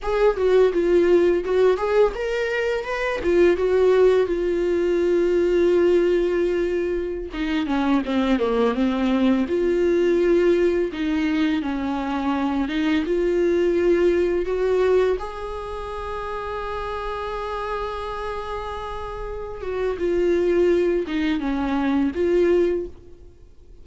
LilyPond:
\new Staff \with { instrumentName = "viola" } { \time 4/4 \tempo 4 = 84 gis'8 fis'8 f'4 fis'8 gis'8 ais'4 | b'8 f'8 fis'4 f'2~ | f'2~ f'16 dis'8 cis'8 c'8 ais16~ | ais16 c'4 f'2 dis'8.~ |
dis'16 cis'4. dis'8 f'4.~ f'16~ | f'16 fis'4 gis'2~ gis'8.~ | gis'2.~ gis'8 fis'8 | f'4. dis'8 cis'4 f'4 | }